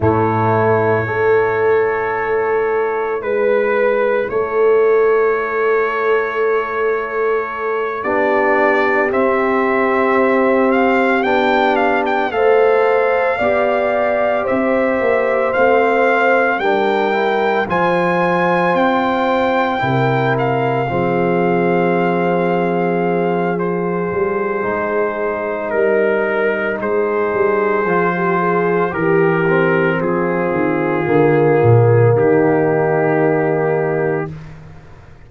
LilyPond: <<
  \new Staff \with { instrumentName = "trumpet" } { \time 4/4 \tempo 4 = 56 cis''2. b'4 | cis''2.~ cis''8 d''8~ | d''8 e''4. f''8 g''8 f''16 g''16 f''8~ | f''4. e''4 f''4 g''8~ |
g''8 gis''4 g''4. f''4~ | f''2 c''2 | ais'4 c''2 ais'4 | gis'2 g'2 | }
  \new Staff \with { instrumentName = "horn" } { \time 4/4 e'4 a'2 b'4 | a'2.~ a'8 g'8~ | g'2.~ g'8 c''8~ | c''8 d''4 c''2 ais'8~ |
ais'8 c''2 ais'4 gis'8~ | gis'1 | ais'4 gis'4~ gis'16 g'16 gis'8 g'4 | f'2 dis'2 | }
  \new Staff \with { instrumentName = "trombone" } { \time 4/4 a4 e'2.~ | e'2.~ e'8 d'8~ | d'8 c'2 d'4 a'8~ | a'8 g'2 c'4 d'8 |
e'8 f'2 e'4 c'8~ | c'2 f'4 dis'4~ | dis'2 f'4 g'8 c'8~ | c'4 ais2. | }
  \new Staff \with { instrumentName = "tuba" } { \time 4/4 a,4 a2 gis4 | a2.~ a8 b8~ | b8 c'2 b4 a8~ | a8 b4 c'8 ais8 a4 g8~ |
g8 f4 c'4 c4 f8~ | f2~ f8 g8 gis4 | g4 gis8 g8 f4 e4 | f8 dis8 d8 ais,8 dis2 | }
>>